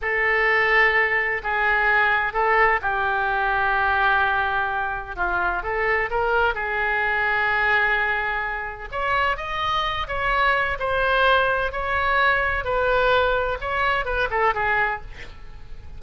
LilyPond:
\new Staff \with { instrumentName = "oboe" } { \time 4/4 \tempo 4 = 128 a'2. gis'4~ | gis'4 a'4 g'2~ | g'2. f'4 | a'4 ais'4 gis'2~ |
gis'2. cis''4 | dis''4. cis''4. c''4~ | c''4 cis''2 b'4~ | b'4 cis''4 b'8 a'8 gis'4 | }